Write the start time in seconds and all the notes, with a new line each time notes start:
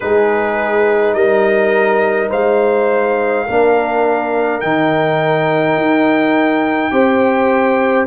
0.00 G#3 D#4 G#4 B4
1.13 G3 A#4 D#5
2.29 G#3 C5 F5
3.46 A#3 D4 A#4
4.60 D#3 D#4 G5
5.76 D#4
6.91 C4 G4 C5